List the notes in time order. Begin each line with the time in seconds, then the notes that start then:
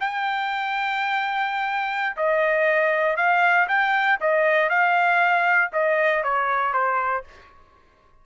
0.00 G5
2.17 D#5
3.16 F5
3.68 G5
4.21 D#5
4.69 F5
5.73 D#5
6.24 C#5
6.73 C5